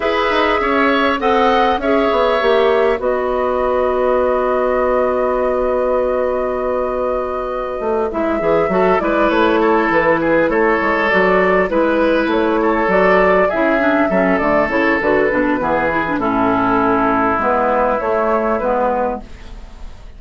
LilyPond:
<<
  \new Staff \with { instrumentName = "flute" } { \time 4/4 \tempo 4 = 100 e''2 fis''4 e''4~ | e''4 dis''2.~ | dis''1~ | dis''4. e''4. d''8 cis''8~ |
cis''8 b'4 cis''4 d''4 b'8~ | b'8 cis''4 d''4 e''4. | d''8 cis''8 b'2 a'4~ | a'4 b'4 cis''4 b'4 | }
  \new Staff \with { instrumentName = "oboe" } { \time 4/4 b'4 cis''4 dis''4 cis''4~ | cis''4 b'2.~ | b'1~ | b'2~ b'8 a'8 b'4 |
a'4 gis'8 a'2 b'8~ | b'4 a'4. gis'4 a'8~ | a'2 gis'4 e'4~ | e'1 | }
  \new Staff \with { instrumentName = "clarinet" } { \time 4/4 gis'2 a'4 gis'4 | g'4 fis'2.~ | fis'1~ | fis'4. e'8 gis'8 fis'8 e'4~ |
e'2~ e'8 fis'4 e'8~ | e'4. fis'4 e'8 d'8 cis'8 | a8 e'8 fis'8 d'8 b8 e'16 d'16 cis'4~ | cis'4 b4 a4 b4 | }
  \new Staff \with { instrumentName = "bassoon" } { \time 4/4 e'8 dis'8 cis'4 c'4 cis'8 b8 | ais4 b2.~ | b1~ | b4 a8 gis8 e8 fis8 gis8 a8~ |
a8 e4 a8 gis8 fis4 gis8~ | gis8 a4 fis4 cis4 fis8 | d8 cis8 d8 b,8 e4 a,4~ | a,4 gis4 a4 gis4 | }
>>